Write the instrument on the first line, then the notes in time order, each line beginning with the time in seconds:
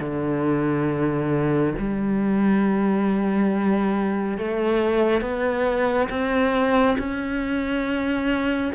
cello
0.00 D3
1.78 G3
4.38 A3
5.21 B3
6.10 C4
6.98 C#4